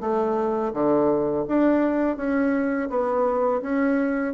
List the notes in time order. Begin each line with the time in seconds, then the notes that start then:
0.00 A3
0.73 D3
1.48 D4
2.17 C#4
2.89 B3
3.62 C#4